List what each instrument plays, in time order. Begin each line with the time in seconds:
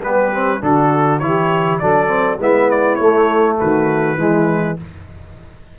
0.00 tuba G3, trombone B3, saxophone G4, trumpet B4
0.33 trombone C4
0.61 tuba D3, trombone D4, saxophone F#4, trumpet A4
1.20 tuba E3, trombone E4, saxophone G4, trumpet C#5
1.79 tuba F#3, trombone D4, saxophone A4, trumpet D5
2.08 trombone C4
2.38 tuba G#3, trombone B3, saxophone E4, trumpet E5
2.71 trumpet D5
2.96 tuba A3, trombone A3, trumpet C#5
3.59 tuba D#3, saxophone F#4, trumpet B4
4.17 tuba E3, trombone G#3, saxophone E4